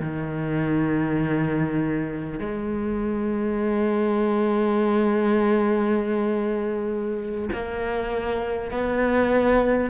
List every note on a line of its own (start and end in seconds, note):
0.00 2.39 D#3
2.39 7.49 G#3
7.53 8.71 A#3
8.71 9.91 B3